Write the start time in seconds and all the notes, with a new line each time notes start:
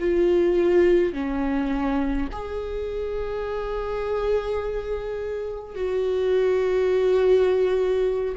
0.00 F4
1.13 C#4
2.32 G#4
5.76 F#4